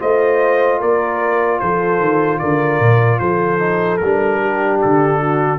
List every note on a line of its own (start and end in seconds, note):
0.00 0.82 A3
0.00 3.60 F4
0.00 0.80 C5
0.00 0.82 D#5
0.80 1.62 A#3
0.80 1.60 A#4
0.80 1.60 D5
1.60 2.00 F3
1.60 2.41 A4
1.60 2.39 C5
2.00 2.40 D#3
2.39 2.80 D3
2.39 3.21 A#4
2.39 3.19 D5
2.80 3.20 A#2
3.19 4.00 F3
3.19 4.41 A4
3.19 3.98 C5
3.60 4.00 D#4
3.98 4.82 G3
3.98 4.78 A#4
4.05 5.59 D4
4.41 5.21 G4
4.82 5.59 D3
4.82 5.59 A4
5.21 5.59 F#4